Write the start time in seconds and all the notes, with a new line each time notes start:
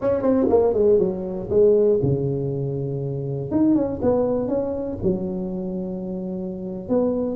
0.01 C#4
0.22 C4
0.49 A#3
0.73 G#3
0.98 F#3
1.50 G#3
2.02 C#3
3.51 D#4
3.75 C#4
4.02 B3
4.47 C#4
5.02 F#3
6.88 B3